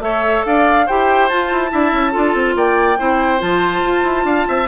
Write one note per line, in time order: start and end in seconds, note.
0.00 0.42 A3
0.00 0.86 A4
0.00 0.46 C#5
0.00 0.45 E5
0.46 0.89 D4
0.46 0.87 D5
0.46 0.88 F5
0.87 1.32 E4
0.87 1.31 G4
0.87 1.71 C5
0.87 1.29 G5
1.29 1.52 F4
1.29 1.70 F4
1.29 2.56 A5
1.52 1.73 E4
1.70 1.93 D4
1.70 2.12 E4
1.70 2.12 E5
1.93 2.14 C#4
2.12 2.35 D4
2.12 2.96 F4
2.12 2.55 A4
2.35 2.56 C4
2.56 2.98 A#3
2.56 2.99 D5
2.56 3.41 G5
2.99 3.42 C4
2.99 3.40 E4
2.99 4.26 C5
3.40 3.83 F3
3.40 4.66 F4
3.40 4.68 A5
3.83 4.04 F4
4.04 4.25 E4
4.25 4.46 D4
4.25 4.47 F5
4.49 4.68 C4
4.49 4.68 E5